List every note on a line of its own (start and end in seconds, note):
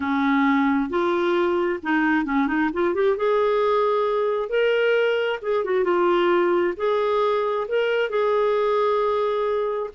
0.00 0.89 C#4
0.89 1.79 F4
1.83 2.25 D#4
2.25 2.47 C#4
2.47 2.69 D#4
2.73 2.94 F4
2.94 3.17 G4
3.17 4.49 G#4
4.49 5.39 A#4
5.41 5.64 G#4
5.64 5.83 F#4
5.83 6.74 F4
6.76 7.67 G#4
7.68 8.09 A#4
8.09 9.89 G#4